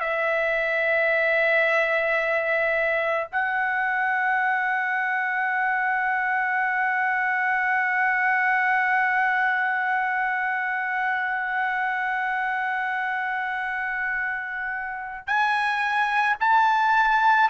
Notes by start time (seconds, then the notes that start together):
0.00 E5
3.32 F#5
15.27 G#5
16.40 A5